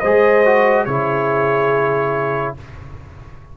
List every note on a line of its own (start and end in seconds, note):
0.00 0.86 G#3
0.00 0.45 G#4
0.00 0.85 C5
0.00 0.85 D#5
0.45 0.88 F#4
0.85 2.55 C#3
0.85 2.57 E4
0.85 2.56 G#4
0.85 2.54 C#5